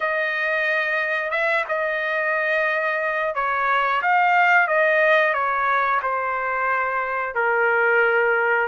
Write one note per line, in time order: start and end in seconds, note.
0.00 1.31 D#5
1.31 1.64 E5
1.68 3.35 D#5
3.35 4.01 C#5
4.02 4.67 F5
4.67 5.33 D#5
5.33 6.00 C#5
6.02 7.35 C5
7.35 8.68 A#4